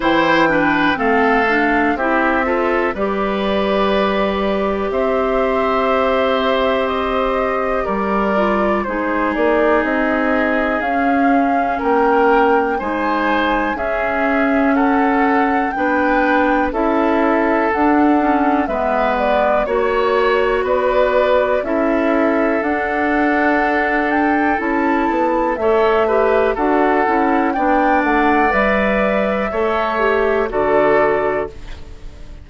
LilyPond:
<<
  \new Staff \with { instrumentName = "flute" } { \time 4/4 \tempo 4 = 61 g''4 f''4 e''4 d''4~ | d''4 e''2 dis''4 | d''4 c''8 d''8 dis''4 f''4 | g''4 gis''4 e''4 fis''4 |
g''4 e''4 fis''4 e''8 d''8 | cis''4 d''4 e''4 fis''4~ | fis''8 g''8 a''4 e''4 fis''4 | g''8 fis''8 e''2 d''4 | }
  \new Staff \with { instrumentName = "oboe" } { \time 4/4 c''8 b'8 a'4 g'8 a'8 b'4~ | b'4 c''2. | ais'4 gis'2. | ais'4 c''4 gis'4 a'4 |
b'4 a'2 b'4 | cis''4 b'4 a'2~ | a'2 cis''8 b'8 a'4 | d''2 cis''4 a'4 | }
  \new Staff \with { instrumentName = "clarinet" } { \time 4/4 e'8 d'8 c'8 d'8 e'8 f'8 g'4~ | g'1~ | g'8 f'8 dis'2 cis'4~ | cis'4 dis'4 cis'2 |
d'4 e'4 d'8 cis'8 b4 | fis'2 e'4 d'4~ | d'4 e'4 a'8 g'8 fis'8 e'8 | d'4 b'4 a'8 g'8 fis'4 | }
  \new Staff \with { instrumentName = "bassoon" } { \time 4/4 e4 a4 c'4 g4~ | g4 c'2. | g4 gis8 ais8 c'4 cis'4 | ais4 gis4 cis'2 |
b4 cis'4 d'4 gis4 | ais4 b4 cis'4 d'4~ | d'4 cis'8 b8 a4 d'8 cis'8 | b8 a8 g4 a4 d4 | }
>>